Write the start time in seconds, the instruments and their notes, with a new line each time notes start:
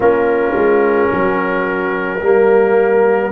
0.00 tuba A#3, trombone C#4, horn F4, trumpet A#4
0.54 tuba G#3
1.12 tuba F#3, horn F#4
2.20 tuba G3, trombone A#3, horn A#4